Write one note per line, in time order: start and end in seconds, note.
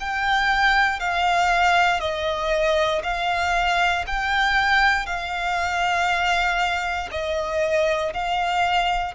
0.00 1.00 G5
1.00 2.00 F5
2.00 3.02 D#5
3.03 4.05 F5
4.07 5.06 G5
5.06 7.09 F5
7.11 8.13 D#5
8.14 9.14 F5